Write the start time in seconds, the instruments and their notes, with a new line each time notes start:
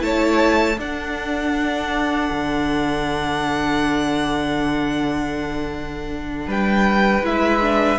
0.00 cello A3, viola E4, violin C#5 A5
0.78 cello D4, viola D4, violin A4 F#5
2.31 cello D3
6.48 cello G3, violin B4 G5
7.23 cello G#3, viola E4, violin E5
7.62 viola D4